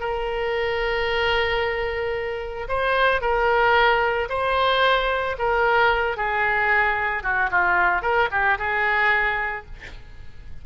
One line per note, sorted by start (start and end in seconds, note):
0.00 2.68 A#4
2.68 3.21 C5
3.21 4.28 A#4
4.29 5.36 C5
5.39 6.17 A#4
6.17 7.23 G#4
7.23 7.50 F#4
7.51 8.02 F4
8.02 8.29 A#4
8.31 8.58 G4
8.58 9.66 G#4